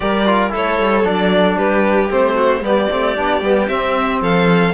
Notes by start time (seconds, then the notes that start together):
0.00 G3 G4 A#4 D5
0.26 F4
0.50 A3 E4 A4 C#5
0.79 G3
1.03 F#3 D4 D5
1.57 G3 G4 B4
2.10 A3 C4 C5
2.34 F#4
2.61 G3 B3 G4 D5
2.90 A3 C4
3.16 B3 D4
3.40 G3 B3
3.67 C4 E5
4.21 F3 A4 F5